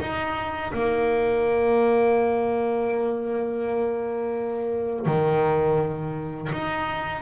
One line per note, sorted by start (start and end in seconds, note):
0.00 0.72 D#4
0.73 5.05 A#3
5.05 6.50 D#3
6.52 7.22 D#4